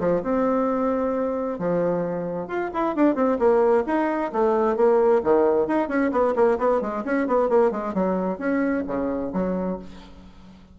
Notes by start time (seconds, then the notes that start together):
0.00 F3
0.23 C4
1.59 F3
2.48 F4
2.74 E4
2.96 D4
3.15 C4
3.39 A#3
3.87 D#4
4.33 A3
4.77 A#3
5.24 D#3
5.68 D#4
5.89 C#4
6.12 B3
6.36 A#3
6.59 B3
6.81 G#3
7.05 C#4
7.27 B3
7.49 A#3
7.72 G#3
7.94 F#3
8.39 C#4
8.88 C#3
9.33 F#3